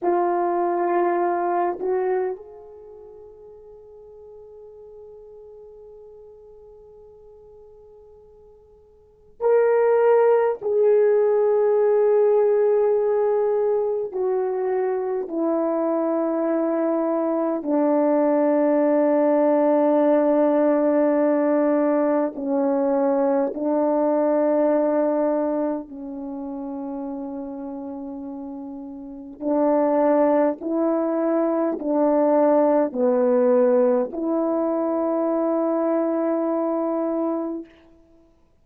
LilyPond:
\new Staff \with { instrumentName = "horn" } { \time 4/4 \tempo 4 = 51 f'4. fis'8 gis'2~ | gis'1 | ais'4 gis'2. | fis'4 e'2 d'4~ |
d'2. cis'4 | d'2 cis'2~ | cis'4 d'4 e'4 d'4 | b4 e'2. | }